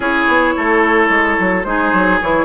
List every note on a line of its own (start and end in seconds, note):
0.00 0.25 C#4
0.00 1.64 E4
0.00 0.54 G#4
0.00 1.63 C#5
0.28 0.55 B3
0.56 1.09 A3
0.56 1.67 A4
1.09 1.36 G#3
1.39 1.64 F#3
1.63 1.92 G#3
1.63 2.20 D#4
1.63 2.45 G#4
1.63 2.18 C5
1.93 2.20 F#3
2.21 2.45 E3
2.21 2.45 E4
2.21 2.45 C#5